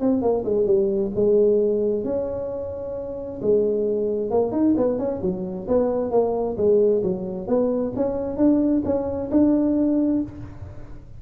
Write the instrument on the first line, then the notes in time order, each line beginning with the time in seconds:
tuba
0.00 C4
0.22 A#3
0.45 G#3
0.66 G3
1.15 G#3
2.04 C#4
3.42 G#3
4.30 A#3
4.52 D#4
4.77 B3
4.99 C#4
5.22 F#3
5.68 B3
6.11 A#3
6.57 G#3
7.03 F#3
7.47 B3
7.96 C#4
8.37 D4
8.85 C#4
9.31 D4